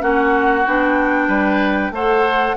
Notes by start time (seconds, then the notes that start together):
0.00 A#3 C#4 F#4 F#5
0.66 B3 D4 G5
1.28 G3 B4
1.91 A3 A4 C5 F#5